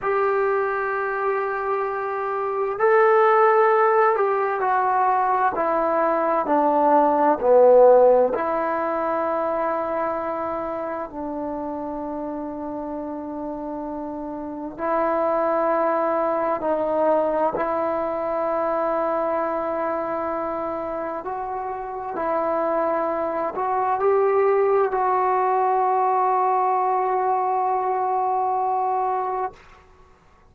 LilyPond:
\new Staff \with { instrumentName = "trombone" } { \time 4/4 \tempo 4 = 65 g'2. a'4~ | a'8 g'8 fis'4 e'4 d'4 | b4 e'2. | d'1 |
e'2 dis'4 e'4~ | e'2. fis'4 | e'4. fis'8 g'4 fis'4~ | fis'1 | }